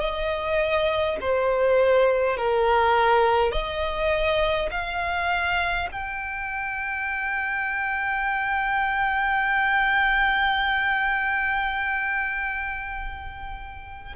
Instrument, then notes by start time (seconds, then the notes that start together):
violin
0.00 D#5
1.21 C5
2.37 A#4
3.52 D#5
4.72 F5
5.93 G5